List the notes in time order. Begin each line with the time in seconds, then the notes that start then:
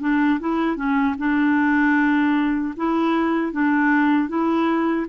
0.00 D4
0.40 E4
0.76 C#4
1.18 D4
2.76 E4
3.52 D4
4.28 E4